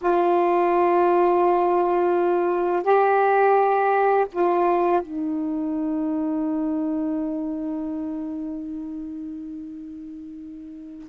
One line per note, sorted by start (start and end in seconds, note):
0.01 2.83 F4
2.83 4.26 G4
4.32 5.01 F4
5.01 11.08 D#4